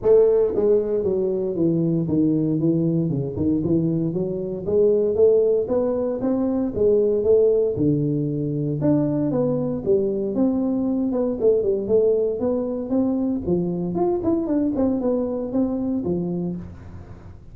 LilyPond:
\new Staff \with { instrumentName = "tuba" } { \time 4/4 \tempo 4 = 116 a4 gis4 fis4 e4 | dis4 e4 cis8 dis8 e4 | fis4 gis4 a4 b4 | c'4 gis4 a4 d4~ |
d4 d'4 b4 g4 | c'4. b8 a8 g8 a4 | b4 c'4 f4 f'8 e'8 | d'8 c'8 b4 c'4 f4 | }